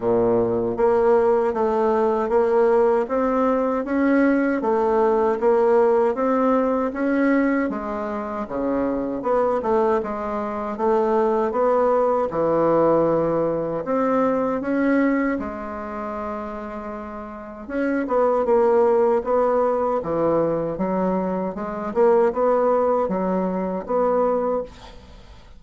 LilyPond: \new Staff \with { instrumentName = "bassoon" } { \time 4/4 \tempo 4 = 78 ais,4 ais4 a4 ais4 | c'4 cis'4 a4 ais4 | c'4 cis'4 gis4 cis4 | b8 a8 gis4 a4 b4 |
e2 c'4 cis'4 | gis2. cis'8 b8 | ais4 b4 e4 fis4 | gis8 ais8 b4 fis4 b4 | }